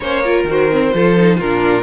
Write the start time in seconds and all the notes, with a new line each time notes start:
0.00 A#3 C#4 C5 C#5
0.23 F4 A#4
0.44 D#3 F#4 C5
0.70 C4
0.94 F3 F4 A4
1.16 D#4
1.36 A#2 D4 F4 A#4